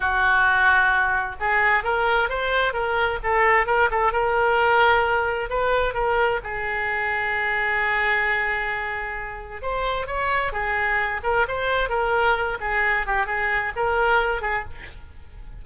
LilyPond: \new Staff \with { instrumentName = "oboe" } { \time 4/4 \tempo 4 = 131 fis'2. gis'4 | ais'4 c''4 ais'4 a'4 | ais'8 a'8 ais'2. | b'4 ais'4 gis'2~ |
gis'1~ | gis'4 c''4 cis''4 gis'4~ | gis'8 ais'8 c''4 ais'4. gis'8~ | gis'8 g'8 gis'4 ais'4. gis'8 | }